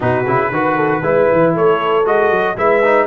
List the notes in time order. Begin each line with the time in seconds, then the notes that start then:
0.00 B2 D#4 F#4 B4
0.26 C#3 E4
0.50 D#3 F#4 B4
0.76 A4
1.02 G#3 E4 B4
1.32 E3
1.53 A3 A4 C#5
2.04 G#3 F#4 D#5
2.30 F#3
2.56 G#3 E4 B4 E5
2.83 D#4